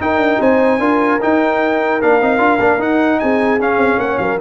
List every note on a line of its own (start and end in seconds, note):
0.00 0.17 D#4
0.00 0.80 D#4
0.00 0.39 A#4
0.00 0.41 G5
0.17 0.37 D4
0.39 0.79 C4
0.39 0.79 C5
0.39 1.21 G#5
0.79 1.19 D4
0.79 1.20 F4
0.79 3.19 A#4
1.20 2.00 D#4
1.20 2.03 D#4
1.20 2.01 G5
2.01 2.21 A#3
2.01 2.21 D4
2.01 2.81 F5
2.21 2.38 C4
2.21 2.38 D#4
2.38 2.58 D4
2.38 2.58 F4
2.59 2.78 A#3
2.59 2.79 D4
2.78 3.18 D#4
2.78 3.59 D#4
2.78 3.19 F#5
3.19 3.59 C4
3.19 4.02 G#4
3.19 3.59 G#5
3.59 4.39 C#4
3.59 3.77 C#4
3.59 3.99 F5
3.77 3.97 C4
3.97 4.17 A#3
3.97 4.22 C#5
3.97 4.18 F#5
4.18 4.39 F#3
4.18 4.40 A#4
4.18 4.38 F5